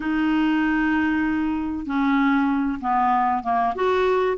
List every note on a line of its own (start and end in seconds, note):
0.00 1.86 D#4
1.86 2.79 C#4
2.80 3.43 B3
3.43 3.74 A#3
3.75 4.37 F#4